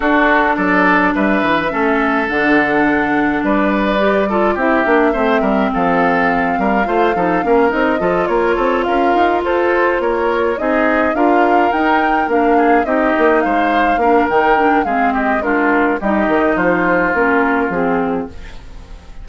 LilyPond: <<
  \new Staff \with { instrumentName = "flute" } { \time 4/4 \tempo 4 = 105 a'4 d''4 e''2 | fis''2 d''2 | e''2 f''2~ | f''4. dis''4 cis''4 f''8~ |
f''8 c''4 cis''4 dis''4 f''8~ | f''8 g''4 f''4 dis''4 f''8~ | f''4 g''4 f''8 dis''8 ais'4 | dis''4 c''4 ais'4 gis'4 | }
  \new Staff \with { instrumentName = "oboe" } { \time 4/4 fis'4 a'4 b'4 a'4~ | a'2 b'4. a'8 | g'4 c''8 ais'8 a'4. ais'8 | c''8 a'8 ais'4 a'8 ais'8 a'8 ais'8~ |
ais'8 a'4 ais'4 gis'4 ais'8~ | ais'2 gis'8 g'4 c''8~ | c''8 ais'4. gis'8 g'8 f'4 | g'4 f'2. | }
  \new Staff \with { instrumentName = "clarinet" } { \time 4/4 d'2. cis'4 | d'2. g'8 f'8 | e'8 d'8 c'2. | f'8 dis'8 cis'8 dis'8 f'2~ |
f'2~ f'8 dis'4 f'8~ | f'8 dis'4 d'4 dis'4.~ | dis'8 d'8 dis'8 d'8 c'4 d'4 | dis'2 cis'4 c'4 | }
  \new Staff \with { instrumentName = "bassoon" } { \time 4/4 d'4 fis4 g8 e8 a4 | d2 g2 | c'8 ais8 a8 g8 f4. g8 | a8 f8 ais8 c'8 f8 ais8 c'8 cis'8 |
dis'8 f'4 ais4 c'4 d'8~ | d'8 dis'4 ais4 c'8 ais8 gis8~ | gis8 ais8 dis4 gis2 | g8 dis8 f4 ais4 f4 | }
>>